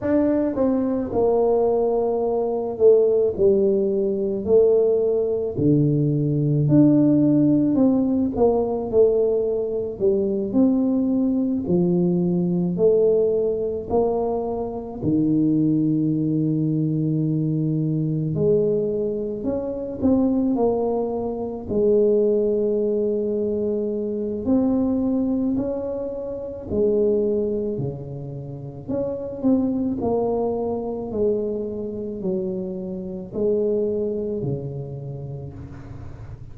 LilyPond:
\new Staff \with { instrumentName = "tuba" } { \time 4/4 \tempo 4 = 54 d'8 c'8 ais4. a8 g4 | a4 d4 d'4 c'8 ais8 | a4 g8 c'4 f4 a8~ | a8 ais4 dis2~ dis8~ |
dis8 gis4 cis'8 c'8 ais4 gis8~ | gis2 c'4 cis'4 | gis4 cis4 cis'8 c'8 ais4 | gis4 fis4 gis4 cis4 | }